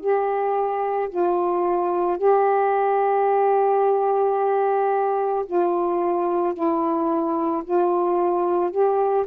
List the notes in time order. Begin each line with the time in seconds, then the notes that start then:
0.00 G4
1.10 F4
2.18 G4
5.46 F4
6.54 E4
7.64 F4
8.71 G4